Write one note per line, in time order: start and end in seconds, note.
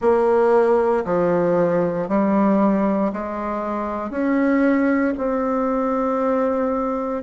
0.00 1.04 A#3
1.04 2.08 F3
2.08 3.11 G3
3.13 4.10 G#3
4.10 5.13 C#4
5.17 7.22 C4